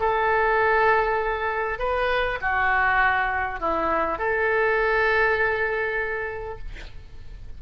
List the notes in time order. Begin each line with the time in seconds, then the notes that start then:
0.00 A4
1.79 B4
2.41 F#4
3.60 E4
4.18 A4